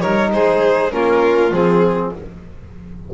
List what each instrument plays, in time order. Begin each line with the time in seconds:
0.00 double bass G3, trombone D#4, violin A#4 C#5
0.32 double bass G#3, violin G#4 C5
0.91 double bass A#3, trombone C#4, violin F4 A#4
1.52 double bass F3, trombone C4, violin G#4